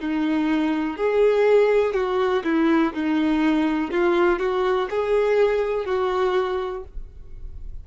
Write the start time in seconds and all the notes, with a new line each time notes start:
0.00 D#4
0.97 G#4
1.94 F#4
2.44 E4
2.94 D#4
3.91 F4
4.39 F#4
4.90 G#4
5.85 F#4